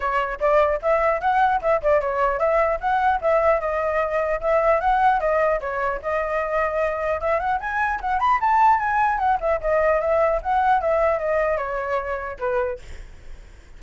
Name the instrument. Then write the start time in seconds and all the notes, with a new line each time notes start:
flute
0.00 C#5
0.39 D5
0.82 E5
1.21 F#5
1.61 E5
1.81 D5
2.00 C#5
2.39 E5
2.80 F#5
3.21 E5
3.60 D#5
4.40 E5
4.80 F#5
5.20 D#5
5.60 C#5
6.01 D#5
7.21 E5
7.39 F#5
7.60 G#5
8.00 F#5
8.19 B5
8.40 A5
8.79 G#5
9.18 F#5
9.40 E5
9.61 D#5
10.01 E5
10.42 F#5
10.81 E5
11.19 D#5
11.57 C#5
12.39 B4